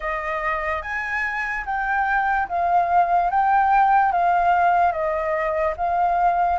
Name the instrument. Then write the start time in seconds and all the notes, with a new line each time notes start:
flute
0.00 D#5
0.82 G#5
1.65 G5
2.48 F5
3.30 G5
4.12 F5
4.91 D#5
5.76 F5